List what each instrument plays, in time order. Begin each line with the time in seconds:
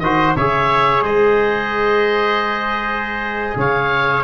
0.00 tuba D#3, trombone F#4, trumpet C5, oboe D#5
0.36 tuba C#3, trombone G#4, trumpet C#5, oboe E5
1.02 tuba G#3, trumpet C5, oboe D#5
3.56 tuba C#3, trumpet C#5, oboe F5